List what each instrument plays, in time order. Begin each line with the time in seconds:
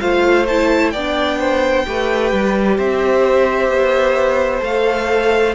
0.00 cello A3, viola F4, violin C5 F5
0.48 viola E4, violin A5
0.91 cello B3, violin D5 G5
0.97 viola D4
1.40 violin C5
1.87 cello A3, viola G4, violin B4
2.32 cello G3
2.77 cello C4, violin C5 E5
3.69 cello B3
4.59 cello A3, viola A4, violin F5